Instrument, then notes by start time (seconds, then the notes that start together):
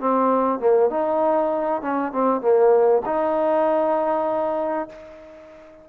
trombone
0.00 C4
0.60 A#3
0.90 D#4
1.82 C#4
2.12 C4
2.41 A#3
3.05 D#4